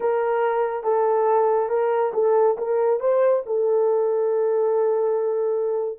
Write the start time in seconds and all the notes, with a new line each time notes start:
0.00 A#4
0.83 A4
1.69 A#4
2.14 A4
2.57 A#4
3.00 C5
3.46 A4